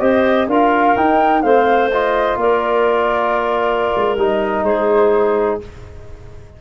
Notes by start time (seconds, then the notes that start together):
0.00 C4 G4 C5 D#5
0.48 D4 F4 A#4 F5
0.96 D#4 G5
1.42 A3 C4 C5 F5
1.92 F4 D#5
2.37 A#3 A#4 D5
3.97 G#3
4.16 G3 D#4 D#5
4.63 G#3 G#4 C5